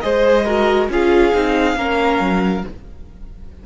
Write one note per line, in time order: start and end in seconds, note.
0.00 0.89 G#3
0.00 0.45 G#4
0.00 0.45 C5
0.00 0.87 D#5
0.45 0.89 F#4
0.45 0.88 A#4
0.89 1.32 C#4
0.89 1.33 F4
0.89 1.77 G#4
0.89 2.66 F5
1.33 1.75 C4
1.33 1.76 D#4
1.75 2.18 A#3
1.75 2.63 C#4
1.75 2.64 A#4
2.20 2.63 F#3